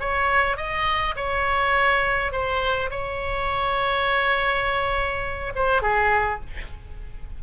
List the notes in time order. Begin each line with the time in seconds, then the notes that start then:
0.00 C#5
0.57 D#5
1.16 C#5
2.32 C5
2.91 C#5
5.55 C5
5.82 G#4